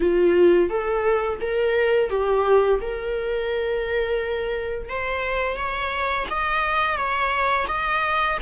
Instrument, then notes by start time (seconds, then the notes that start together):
viola
0.00 F4
0.69 A4
1.40 A#4
2.10 G4
2.81 A#4
4.89 C5
5.57 C#5
6.30 D#5
6.96 C#5
7.68 D#5